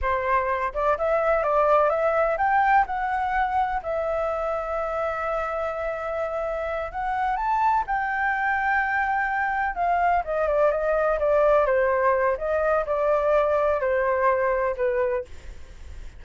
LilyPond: \new Staff \with { instrumentName = "flute" } { \time 4/4 \tempo 4 = 126 c''4. d''8 e''4 d''4 | e''4 g''4 fis''2 | e''1~ | e''2~ e''8 fis''4 a''8~ |
a''8 g''2.~ g''8~ | g''8 f''4 dis''8 d''8 dis''4 d''8~ | d''8 c''4. dis''4 d''4~ | d''4 c''2 b'4 | }